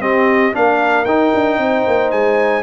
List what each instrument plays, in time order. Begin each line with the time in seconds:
0.00 tuba C4, trombone C4, horn G4, trumpet D#5
0.53 tuba A#3, trombone D4, horn A#4, trumpet F5
1.05 tuba D#4, trombone D#4, trumpet G5
1.34 tuba D4
1.57 tuba C4, horn C5
1.87 tuba A#3
2.11 tuba G#3, trumpet G#5